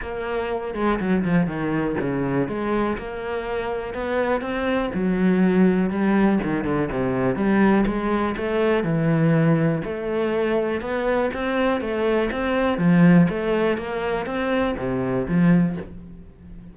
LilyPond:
\new Staff \with { instrumentName = "cello" } { \time 4/4 \tempo 4 = 122 ais4. gis8 fis8 f8 dis4 | cis4 gis4 ais2 | b4 c'4 fis2 | g4 dis8 d8 c4 g4 |
gis4 a4 e2 | a2 b4 c'4 | a4 c'4 f4 a4 | ais4 c'4 c4 f4 | }